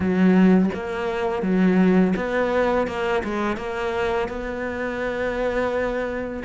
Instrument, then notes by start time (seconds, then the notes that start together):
cello
0.00 F#3
0.73 A#3
1.42 F#3
2.16 B3
2.87 A#3
3.24 G#3
3.56 A#3
4.28 B3